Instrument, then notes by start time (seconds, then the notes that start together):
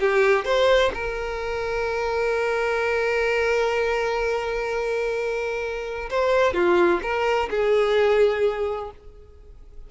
violin
0.00 G4
0.45 C5
0.94 A#4
6.10 C5
6.54 F4
7.02 A#4
7.50 G#4